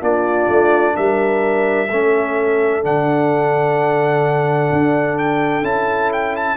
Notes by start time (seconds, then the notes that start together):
0.00 A#3 D4 F4 D5
0.48 A3
0.95 G3 A#4 E5
1.89 A3 C#4 A4
2.82 D3 D4 F#5
4.72 D4
5.18 G5
5.62 C#4 E4 A5
6.12 G5
6.36 A5